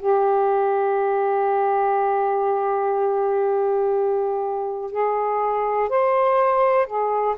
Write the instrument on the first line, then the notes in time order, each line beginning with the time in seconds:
saxophone
0.00 G4
4.92 G#4
5.89 C5
6.86 G#4